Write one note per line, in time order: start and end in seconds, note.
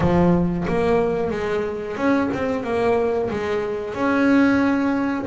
0.00 0.66 F3
0.67 1.30 A#3
1.30 1.96 G#3
1.96 2.29 C#4
2.33 2.63 C4
2.63 3.29 A#3
3.30 3.94 G#3
3.94 5.26 C#4